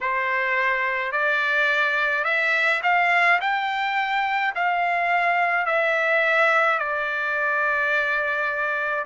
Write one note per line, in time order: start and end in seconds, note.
0.00 1.12 C5
1.12 2.24 D5
2.24 2.80 E5
2.83 3.39 F5
3.41 4.54 G5
4.55 5.66 F5
5.66 6.79 E5
6.79 9.05 D5